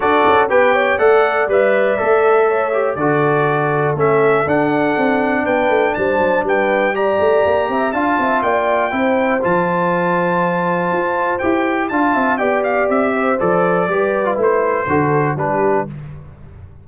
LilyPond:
<<
  \new Staff \with { instrumentName = "trumpet" } { \time 4/4 \tempo 4 = 121 d''4 g''4 fis''4 e''4~ | e''2 d''2 | e''4 fis''2 g''4 | a''4 g''4 ais''2 |
a''4 g''2 a''4~ | a''2. g''4 | a''4 g''8 f''8 e''4 d''4~ | d''4 c''2 b'4 | }
  \new Staff \with { instrumentName = "horn" } { \time 4/4 a'4 b'8 cis''8 d''2~ | d''4 cis''4 a'2~ | a'2. b'4 | c''4 b'4 d''4. e''8 |
f''8 e''8 d''4 c''2~ | c''1 | f''8 e''8 d''4. c''4. | b'2 a'4 g'4 | }
  \new Staff \with { instrumentName = "trombone" } { \time 4/4 fis'4 g'4 a'4 b'4 | a'4. g'8 fis'2 | cis'4 d'2.~ | d'2 g'2 |
f'2 e'4 f'4~ | f'2. g'4 | f'4 g'2 a'4 | g'8. f'16 e'4 fis'4 d'4 | }
  \new Staff \with { instrumentName = "tuba" } { \time 4/4 d'8 cis'8 b4 a4 g4 | a2 d2 | a4 d'4 c'4 b8 a8 | g8 fis8 g4. a8 ais8 c'8 |
d'8 c'8 ais4 c'4 f4~ | f2 f'4 e'4 | d'8 c'8 b4 c'4 f4 | g4 a4 d4 g4 | }
>>